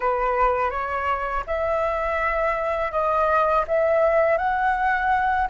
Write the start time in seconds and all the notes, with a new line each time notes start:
0.00 B4
0.70 C#5
1.46 E5
2.91 D#5
3.67 E5
4.37 F#5